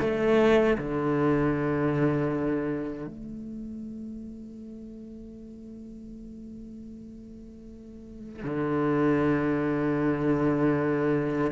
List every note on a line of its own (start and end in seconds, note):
0.00 0.77 A3
0.78 3.07 D3
3.07 8.44 A3
8.44 11.51 D3